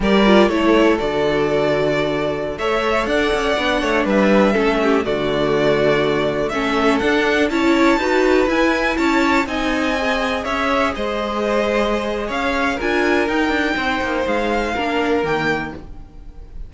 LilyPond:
<<
  \new Staff \with { instrumentName = "violin" } { \time 4/4 \tempo 4 = 122 d''4 cis''4 d''2~ | d''4~ d''16 e''4 fis''4.~ fis''16~ | fis''16 e''2 d''4.~ d''16~ | d''4~ d''16 e''4 fis''4 a''8.~ |
a''4~ a''16 gis''4 a''4 gis''8.~ | gis''4~ gis''16 e''4 dis''4.~ dis''16~ | dis''4 f''4 gis''4 g''4~ | g''4 f''2 g''4 | }
  \new Staff \with { instrumentName = "violin" } { \time 4/4 ais'4 a'2.~ | a'4~ a'16 cis''4 d''4. cis''16~ | cis''16 b'4 a'8 g'8 fis'4.~ fis'16~ | fis'4~ fis'16 a'2 cis''8.~ |
cis''16 b'2 cis''4 dis''8.~ | dis''4~ dis''16 cis''4 c''4.~ c''16~ | c''4 cis''4 ais'2 | c''2 ais'2 | }
  \new Staff \with { instrumentName = "viola" } { \time 4/4 g'8 f'8 e'4 fis'2~ | fis'4~ fis'16 a'2 d'8.~ | d'4~ d'16 cis'4 a4.~ a16~ | a4~ a16 cis'4 d'4 e'8.~ |
e'16 fis'4 e'2 dis'8.~ | dis'16 gis'2.~ gis'8.~ | gis'2 f'4 dis'4~ | dis'2 d'4 ais4 | }
  \new Staff \with { instrumentName = "cello" } { \time 4/4 g4 a4 d2~ | d4~ d16 a4 d'8 cis'8 b8 a16~ | a16 g4 a4 d4.~ d16~ | d4~ d16 a4 d'4 cis'8.~ |
cis'16 dis'4 e'4 cis'4 c'8.~ | c'4~ c'16 cis'4 gis4.~ gis16~ | gis4 cis'4 d'4 dis'8 d'8 | c'8 ais8 gis4 ais4 dis4 | }
>>